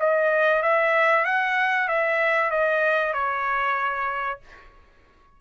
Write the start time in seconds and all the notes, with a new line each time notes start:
0.00 D#5
0.63 E5
1.25 F#5
1.88 E5
2.51 D#5
3.14 C#5